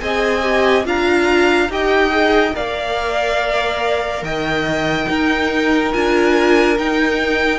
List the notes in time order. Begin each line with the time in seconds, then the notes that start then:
0.00 C4 G#4 D#5 G#5
0.42 G4
0.84 D4 F4 F5 A#5
1.68 D#4 G4 D#5 G5
2.10 G#4
2.54 A#3 A#4 D5 F5
4.22 D#3 D#5 G5
5.05 D#4 A#4
5.93 D4 F4 G#5
6.77 D#4 G5